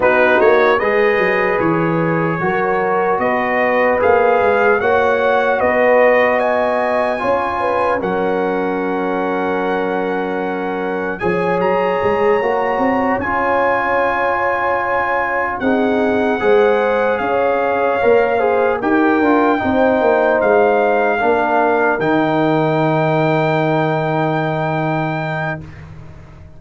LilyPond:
<<
  \new Staff \with { instrumentName = "trumpet" } { \time 4/4 \tempo 4 = 75 b'8 cis''8 dis''4 cis''2 | dis''4 f''4 fis''4 dis''4 | gis''2 fis''2~ | fis''2 gis''8 ais''4.~ |
ais''8 gis''2. fis''8~ | fis''4. f''2 g''8~ | g''4. f''2 g''8~ | g''1 | }
  \new Staff \with { instrumentName = "horn" } { \time 4/4 fis'4 b'2 ais'4 | b'2 cis''4 b'4 | dis''4 cis''8 b'8 ais'2~ | ais'2 cis''2~ |
cis''2.~ cis''8 gis'8~ | gis'8 c''4 cis''4. c''8 ais'8~ | ais'8 c''2 ais'4.~ | ais'1 | }
  \new Staff \with { instrumentName = "trombone" } { \time 4/4 dis'4 gis'2 fis'4~ | fis'4 gis'4 fis'2~ | fis'4 f'4 cis'2~ | cis'2 gis'4. fis'8~ |
fis'8 f'2. dis'8~ | dis'8 gis'2 ais'8 gis'8 g'8 | f'8 dis'2 d'4 dis'8~ | dis'1 | }
  \new Staff \with { instrumentName = "tuba" } { \time 4/4 b8 ais8 gis8 fis8 e4 fis4 | b4 ais8 gis8 ais4 b4~ | b4 cis'4 fis2~ | fis2 f8 fis8 gis8 ais8 |
c'8 cis'2. c'8~ | c'8 gis4 cis'4 ais4 dis'8 | d'8 c'8 ais8 gis4 ais4 dis8~ | dis1 | }
>>